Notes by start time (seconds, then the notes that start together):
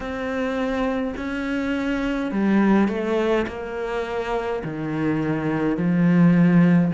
0.00 C4
1.16 C#4
2.31 G3
2.88 A3
3.47 A#3
4.64 D#3
5.76 F3